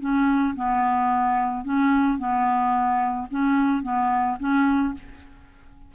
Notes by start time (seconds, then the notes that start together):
0.00 C#4
0.55 B3
1.64 C#4
2.18 B3
3.30 C#4
3.83 B3
4.39 C#4